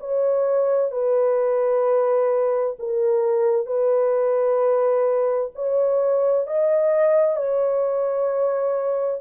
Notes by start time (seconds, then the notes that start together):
0.00 C#5
0.92 B4
2.79 A#4
3.67 B4
5.56 C#5
6.48 D#5
7.36 C#5